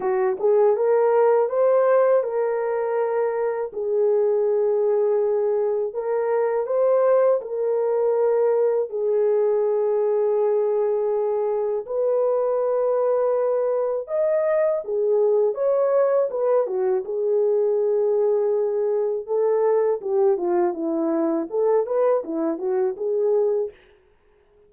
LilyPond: \new Staff \with { instrumentName = "horn" } { \time 4/4 \tempo 4 = 81 fis'8 gis'8 ais'4 c''4 ais'4~ | ais'4 gis'2. | ais'4 c''4 ais'2 | gis'1 |
b'2. dis''4 | gis'4 cis''4 b'8 fis'8 gis'4~ | gis'2 a'4 g'8 f'8 | e'4 a'8 b'8 e'8 fis'8 gis'4 | }